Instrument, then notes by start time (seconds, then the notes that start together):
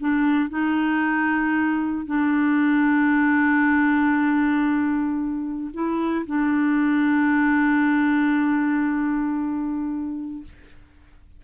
clarinet
0.00 D4
0.50 D#4
2.06 D4
5.73 E4
6.27 D4